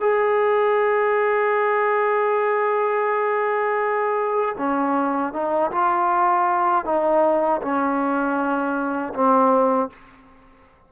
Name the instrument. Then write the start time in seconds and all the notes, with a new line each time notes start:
trombone
0.00 G#4
4.58 C#4
5.33 D#4
5.71 F4
6.85 D#4
7.62 C#4
9.14 C4